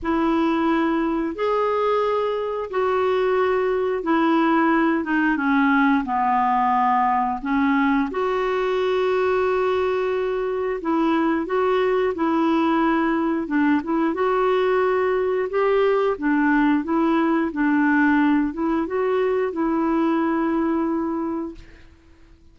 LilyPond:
\new Staff \with { instrumentName = "clarinet" } { \time 4/4 \tempo 4 = 89 e'2 gis'2 | fis'2 e'4. dis'8 | cis'4 b2 cis'4 | fis'1 |
e'4 fis'4 e'2 | d'8 e'8 fis'2 g'4 | d'4 e'4 d'4. e'8 | fis'4 e'2. | }